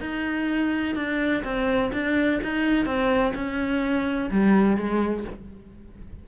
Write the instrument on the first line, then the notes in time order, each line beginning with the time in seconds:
cello
0.00 D#4
0.95 D4
1.44 C4
1.93 D4
2.43 D#4
2.85 C4
3.34 C#4
4.31 G3
4.76 G#3